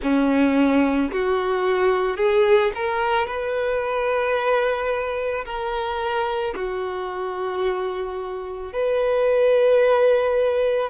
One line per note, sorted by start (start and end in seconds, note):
0.02 1.12 C#4
1.12 2.17 F#4
2.17 2.71 G#4
2.74 3.26 A#4
3.26 5.44 B4
5.45 6.54 A#4
6.55 8.73 F#4
8.73 10.90 B4